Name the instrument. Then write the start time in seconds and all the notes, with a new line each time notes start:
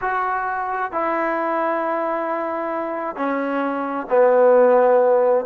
trombone
0.01 F#4
0.92 E4
3.15 C#4
4.09 B3